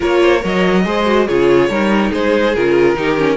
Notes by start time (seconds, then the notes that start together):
0.00 A#3 F4 A#4 C#5
0.21 C5
0.40 F#3 A#4 C#5 D#5
0.84 G#3 G#4 C5
1.05 F#4
1.27 C#3 F4 G#4 C#5
1.68 G3 D#4 A#4
2.11 G#3 G#4 C5
2.54 C#3 F4 A#4
2.94 D#3 D#4 G4
3.17 C#4